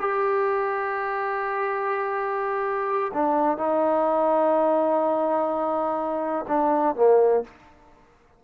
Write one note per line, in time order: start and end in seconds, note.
0.00 3.12 G4
3.14 3.58 D4
3.58 6.46 D#4
6.48 6.96 D4
6.96 7.44 A#3